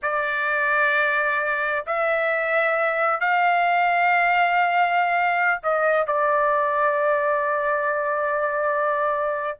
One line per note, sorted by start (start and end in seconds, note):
0.02 1.85 D5
1.86 3.20 E5
3.20 5.60 F5
5.63 6.07 D#5
6.07 9.59 D5